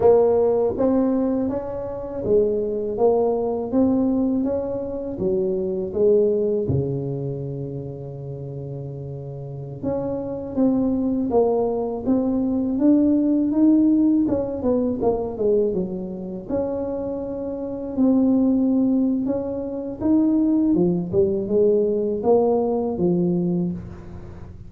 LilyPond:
\new Staff \with { instrumentName = "tuba" } { \time 4/4 \tempo 4 = 81 ais4 c'4 cis'4 gis4 | ais4 c'4 cis'4 fis4 | gis4 cis2.~ | cis4~ cis16 cis'4 c'4 ais8.~ |
ais16 c'4 d'4 dis'4 cis'8 b16~ | b16 ais8 gis8 fis4 cis'4.~ cis'16~ | cis'16 c'4.~ c'16 cis'4 dis'4 | f8 g8 gis4 ais4 f4 | }